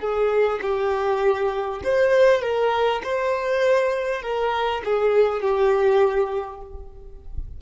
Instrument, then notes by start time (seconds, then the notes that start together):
violin
0.00 G#4
0.62 G4
1.84 C5
2.42 A#4
3.04 C5
4.22 A#4
4.85 G#4
5.42 G4